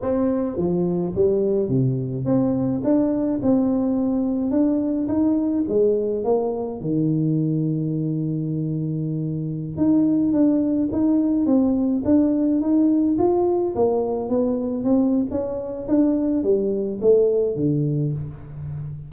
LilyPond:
\new Staff \with { instrumentName = "tuba" } { \time 4/4 \tempo 4 = 106 c'4 f4 g4 c4 | c'4 d'4 c'2 | d'4 dis'4 gis4 ais4 | dis1~ |
dis4~ dis16 dis'4 d'4 dis'8.~ | dis'16 c'4 d'4 dis'4 f'8.~ | f'16 ais4 b4 c'8. cis'4 | d'4 g4 a4 d4 | }